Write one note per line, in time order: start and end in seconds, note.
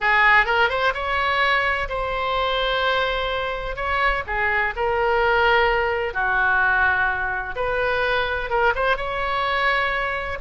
0.00 0.45 G#4
0.45 0.69 A#4
0.69 0.93 C5
0.93 1.88 C#5
1.89 3.76 C5
3.76 4.23 C#5
4.26 4.74 G#4
4.76 6.13 A#4
6.13 7.55 F#4
7.55 8.50 B4
8.50 8.73 A#4
8.75 8.96 C5
8.96 10.38 C#5